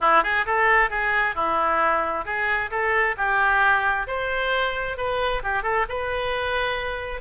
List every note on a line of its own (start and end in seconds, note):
0.01 0.23 E4
0.23 0.45 G#4
0.46 0.90 A4
0.90 1.35 G#4
1.35 2.25 E4
2.25 2.70 G#4
2.70 3.15 A4
3.17 4.07 G4
4.07 4.97 C5
4.97 5.42 B4
5.43 5.63 G4
5.63 5.85 A4
5.88 7.21 B4